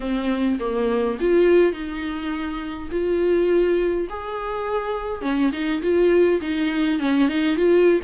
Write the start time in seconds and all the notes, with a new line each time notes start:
0.00 C4
0.59 A#3
1.20 F4
1.72 D#4
2.91 F4
4.09 G#4
5.21 C#4
5.52 D#4
5.82 F4
6.41 D#4
6.99 C#4
7.28 D#4
7.56 F4